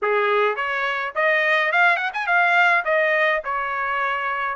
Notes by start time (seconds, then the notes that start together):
0.02 G#4
0.56 C#5
1.15 D#5
1.72 F5
1.96 F#5
2.13 G#5
2.26 F5
2.84 D#5
3.44 C#5